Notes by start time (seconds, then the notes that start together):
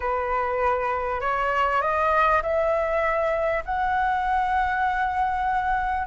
0.00 B4
1.20 C#5
1.81 D#5
2.42 E5
3.65 F#5